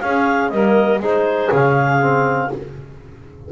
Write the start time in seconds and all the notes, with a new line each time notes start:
0.00 C#4 G#4 F5
0.49 G3 A#3 A#4 D#5
0.99 G#3 D#4 G#4 C5
1.51 C#3 C#4 F5
2.01 C4